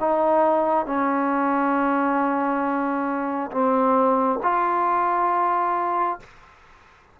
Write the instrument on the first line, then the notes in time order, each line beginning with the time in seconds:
trombone
0.00 D#4
0.86 C#4
3.51 C4
4.43 F4